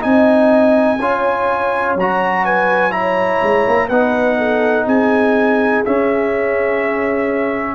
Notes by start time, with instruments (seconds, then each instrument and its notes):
0.00 tuba C4, trombone D#4, horn D#5, trumpet G#5
0.99 tuba C#4, trombone F4, horn C#5
1.95 tuba F#3, trombone F#4, trumpet A#5
2.44 horn B4, trumpet G#5
2.91 trombone E4, horn C#5, trumpet A#5
3.43 tuba G#3
3.67 tuba A#3
3.88 tuba B3, trombone D#4, horn B4, trumpet F#5
4.37 horn A4
4.85 tuba C4, horn G#4, trumpet G#5
5.85 trombone C#4, tuba C#4, trumpet E5